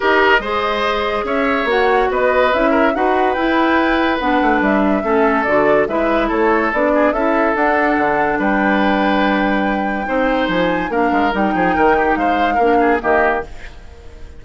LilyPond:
<<
  \new Staff \with { instrumentName = "flute" } { \time 4/4 \tempo 4 = 143 dis''2. e''4 | fis''4 dis''4 e''4 fis''4 | g''2 fis''4 e''4~ | e''4 d''4 e''4 cis''4 |
d''4 e''4 fis''2 | g''1~ | g''4 gis''4 f''4 g''4~ | g''4 f''2 dis''4 | }
  \new Staff \with { instrumentName = "oboe" } { \time 4/4 ais'4 c''2 cis''4~ | cis''4 b'4. ais'8 b'4~ | b'1 | a'2 b'4 a'4~ |
a'8 gis'8 a'2. | b'1 | c''2 ais'4. gis'8 | ais'8 g'8 c''4 ais'8 gis'8 g'4 | }
  \new Staff \with { instrumentName = "clarinet" } { \time 4/4 g'4 gis'2. | fis'2 e'4 fis'4 | e'2 d'2 | cis'4 fis'4 e'2 |
d'4 e'4 d'2~ | d'1 | dis'2 d'4 dis'4~ | dis'2 d'4 ais4 | }
  \new Staff \with { instrumentName = "bassoon" } { \time 4/4 dis'4 gis2 cis'4 | ais4 b4 cis'4 dis'4 | e'2 b8 a8 g4 | a4 d4 gis4 a4 |
b4 cis'4 d'4 d4 | g1 | c'4 f4 ais8 gis8 g8 f8 | dis4 gis4 ais4 dis4 | }
>>